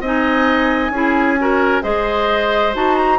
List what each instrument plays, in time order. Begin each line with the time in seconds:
0.00 bassoon C4, clarinet D#4, oboe D#5, flute G#5
0.90 bassoon C#4, clarinet E4, oboe G#4
1.38 clarinet F#4, oboe A#4
1.82 bassoon G#3, clarinet G#4, oboe C5, flute D#5
2.73 bassoon D#4, clarinet F#4, flute A5
2.96 flute A#5